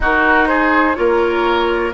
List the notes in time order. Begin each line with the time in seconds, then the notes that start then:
0.00 D#4 F#4 A#4
0.47 G#4 C5
0.95 A#3 F4 A#4 C#5